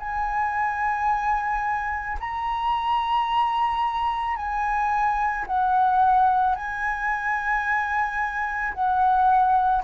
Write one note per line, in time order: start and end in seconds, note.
0.00 2.18 G#5
2.20 4.37 A#5
4.37 5.46 G#5
5.47 6.56 F#5
6.56 8.74 G#5
8.74 9.83 F#5